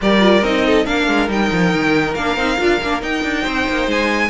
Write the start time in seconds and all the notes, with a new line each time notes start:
0.01 G3 G4 A#4 D5
0.20 F4
0.42 C4 D#4 D#5
0.66 A4
0.85 A#3 D4 A#4 F5
1.07 G#3
1.28 G3 D#4 G5
1.52 F3
1.73 D#3
2.14 A#3 D4 F5
2.36 C4 D#4
2.56 D4 F4
2.82 A#3 D4
3.00 D#4 G5
3.23 D4
3.41 C4 C5
3.68 A#3
3.87 G#3 G#5